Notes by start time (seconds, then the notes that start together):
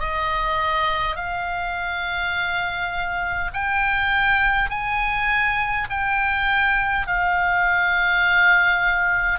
0.00 D#5
1.16 F5
3.53 G5
4.70 G#5
5.90 G5
7.07 F5